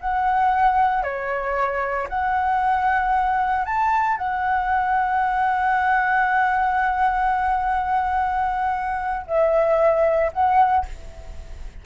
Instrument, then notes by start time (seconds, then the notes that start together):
flute
0.00 F#5
1.03 C#5
2.09 F#5
3.65 A5
4.17 F#5
9.27 E5
10.33 F#5